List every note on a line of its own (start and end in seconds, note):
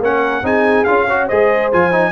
0.00 0.42 A#3
0.00 0.44 C#4
0.00 0.45 A#4
0.00 0.46 F#5
0.43 0.85 C4
0.43 0.86 D#4
0.43 1.08 G#4
0.43 0.84 G#5
0.84 1.30 C#4
0.84 1.07 F4
0.84 1.27 F5
1.08 1.30 F#4
1.08 1.28 C#5
1.28 1.73 G#3
1.28 1.73 G#4
1.28 2.12 C5
1.28 1.71 D#5
1.73 2.12 F3
1.73 1.92 F4
1.73 2.12 G#5
1.92 2.12 D#4